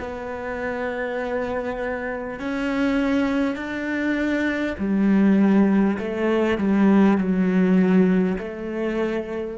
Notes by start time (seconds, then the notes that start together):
0.00 B3
2.39 C#4
3.56 D4
4.78 G3
5.99 A3
6.58 G3
7.17 F#3
8.38 A3